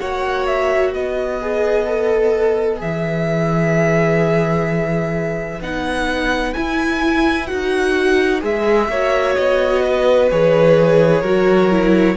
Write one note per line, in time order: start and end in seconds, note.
0.00 0.95 A#3
0.00 1.41 F#4
0.00 0.92 C#5
0.00 0.47 F#5
0.47 0.94 E5
0.92 2.82 B3
0.92 8.89 B4
0.92 2.81 D#5
1.41 1.87 G#4
1.87 2.77 A4
2.77 5.61 E3
2.77 5.58 G#4
2.77 5.62 E5
5.61 6.54 B3
5.61 6.55 D#4
5.61 6.54 F#5
6.54 7.48 E4
6.54 7.51 E4
6.54 7.47 G#5
7.47 8.43 D#4
7.47 8.41 F#4
7.47 8.41 F#5
8.41 8.88 G#3
8.41 8.88 G#4
8.41 9.35 E5
8.88 9.35 A#3
8.88 10.31 F#4
8.88 9.83 C#5
9.35 10.32 B3
9.35 10.29 D#5
9.83 11.21 B4
10.31 11.23 E3
10.31 11.24 G#4
10.31 12.17 C#5
11.21 12.16 F#3
11.21 11.71 F#4
11.21 12.15 A#4
11.71 12.17 E4